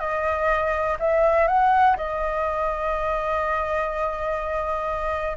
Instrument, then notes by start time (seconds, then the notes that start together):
flute
0.00 D#5
1.00 E5
1.48 F#5
1.97 D#5